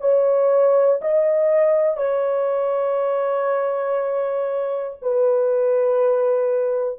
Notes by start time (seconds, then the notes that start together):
0.00 C#5
1.01 D#5
1.97 C#5
5.01 B4